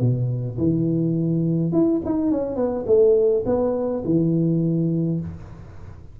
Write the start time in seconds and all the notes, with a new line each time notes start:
0.00 B2
0.58 E3
1.72 E4
2.05 D#4
2.31 C#4
2.56 B3
2.86 A3
3.45 B3
4.05 E3